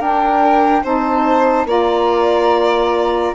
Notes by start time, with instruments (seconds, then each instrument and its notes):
0.00 bassoon D4, saxophone D4, violin A#4, flute G5
0.84 bassoon C4, saxophone D#4, violin C5, flute A5
1.66 bassoon A#3, saxophone F4, violin D5, flute A#5